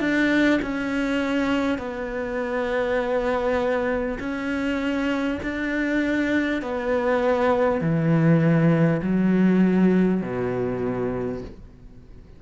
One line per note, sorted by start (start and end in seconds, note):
0.00 0.60 D4
0.62 1.78 C#4
1.78 4.18 B3
4.19 5.39 C#4
5.43 6.62 D4
6.62 7.82 B3
7.82 9.02 E3
9.02 10.22 F#3
10.22 11.42 B2